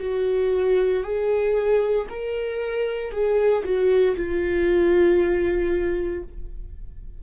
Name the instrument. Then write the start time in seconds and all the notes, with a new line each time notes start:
viola
0.00 F#4
1.03 G#4
2.10 A#4
3.12 G#4
3.64 F#4
4.17 F4